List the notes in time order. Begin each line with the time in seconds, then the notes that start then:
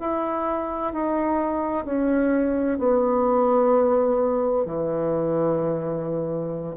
0.00 E4
0.93 D#4
1.85 C#4
2.79 B3
4.66 E3